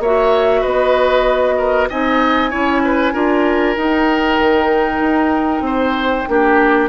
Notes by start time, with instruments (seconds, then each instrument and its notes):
0.00 bassoon A#3, clarinet F#4, oboe C#5, flute E5
0.61 bassoon B3, oboe B4, flute D#5
1.58 oboe A#4
1.90 bassoon C4, clarinet D#4, oboe D#5, flute G#5
2.51 bassoon C#4, clarinet E4, oboe C#5
2.85 oboe B4
3.14 bassoon D4, clarinet F4, oboe A#4
3.77 bassoon D#4, clarinet D#4, flute G5
4.40 bassoon D#3
5.01 bassoon D#4
5.61 bassoon C4, oboe C5
6.28 bassoon A#3, clarinet D4, oboe G4